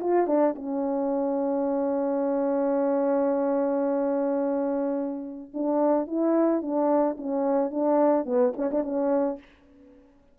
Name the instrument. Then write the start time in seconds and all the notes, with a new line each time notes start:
horn
0.00 F4
0.27 D4
0.55 C#4
5.53 D4
6.07 E4
6.61 D4
7.17 C#4
7.70 D4
8.25 B3
8.56 C#4
8.71 D4
8.83 C#4